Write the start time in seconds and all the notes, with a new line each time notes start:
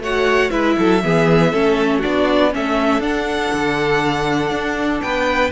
0.00 A3 F#4 C#5 F#5
0.51 G#3 E4 B4 E5
0.79 F#3 A4
1.04 E3 B3 G#4
1.52 A3 C#4 A4
1.99 D4 F#4 D5
2.05 B3
2.52 A3 C#4 A4 E5
2.99 D4 F#5
3.54 D3
4.51 D4
5.02 B3 B4 G5